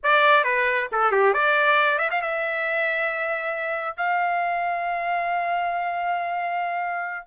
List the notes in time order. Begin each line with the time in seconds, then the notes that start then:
0.03 D5
0.44 B4
0.91 A4
1.11 G4
1.33 D5
1.98 E5
2.11 F5
2.21 E5
3.97 F5